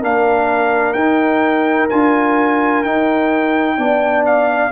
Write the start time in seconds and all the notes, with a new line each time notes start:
0.00 A#3 D4 A#4 F5
0.93 D#4 G5
1.89 D4 F4 G#5
2.83 D#4 G5
3.77 B3 D4 D5
4.25 F5